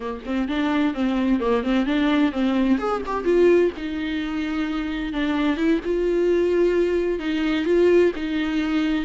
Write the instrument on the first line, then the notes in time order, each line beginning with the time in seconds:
viola
0.00 A#3
0.25 C4
0.48 D4
0.94 C4
1.40 A#3
1.63 C4
1.86 D4
2.32 C4
2.78 G#4
3.06 G4
3.24 F4
3.77 D#4
5.12 D4
5.56 E4
5.85 F4
7.19 D#4
7.65 F4
8.15 D#4